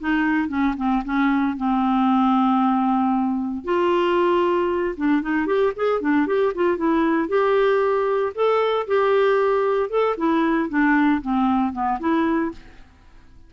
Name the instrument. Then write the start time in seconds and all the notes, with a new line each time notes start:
clarinet
0.00 D#4
0.49 C#4
0.77 C4
1.05 C#4
1.57 C4
3.65 F4
4.97 D4
5.22 D#4
5.46 G4
5.76 G#4
6.01 D4
6.27 G4
6.55 F4
6.77 E4
7.29 G4
8.35 A4
8.88 G4
9.90 A4
10.17 E4
10.69 D4
11.22 C4
11.73 B3
12.00 E4